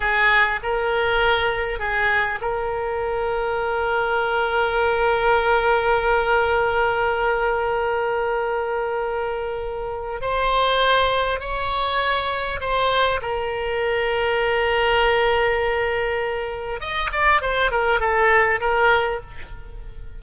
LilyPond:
\new Staff \with { instrumentName = "oboe" } { \time 4/4 \tempo 4 = 100 gis'4 ais'2 gis'4 | ais'1~ | ais'1~ | ais'1~ |
ais'4 c''2 cis''4~ | cis''4 c''4 ais'2~ | ais'1 | dis''8 d''8 c''8 ais'8 a'4 ais'4 | }